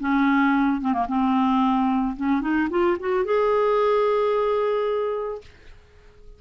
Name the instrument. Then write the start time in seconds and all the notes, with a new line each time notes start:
clarinet
0.00 C#4
0.81 C4
0.93 A#3
1.08 C4
2.16 C#4
2.41 D#4
2.70 F4
3.00 F#4
3.25 G#4